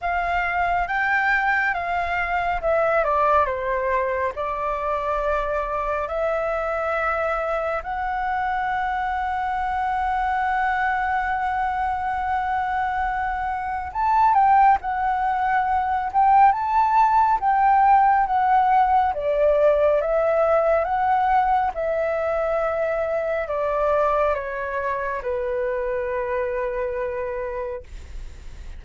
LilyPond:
\new Staff \with { instrumentName = "flute" } { \time 4/4 \tempo 4 = 69 f''4 g''4 f''4 e''8 d''8 | c''4 d''2 e''4~ | e''4 fis''2.~ | fis''1 |
a''8 g''8 fis''4. g''8 a''4 | g''4 fis''4 d''4 e''4 | fis''4 e''2 d''4 | cis''4 b'2. | }